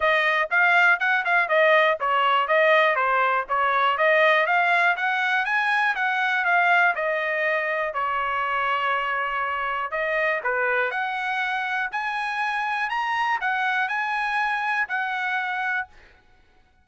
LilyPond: \new Staff \with { instrumentName = "trumpet" } { \time 4/4 \tempo 4 = 121 dis''4 f''4 fis''8 f''8 dis''4 | cis''4 dis''4 c''4 cis''4 | dis''4 f''4 fis''4 gis''4 | fis''4 f''4 dis''2 |
cis''1 | dis''4 b'4 fis''2 | gis''2 ais''4 fis''4 | gis''2 fis''2 | }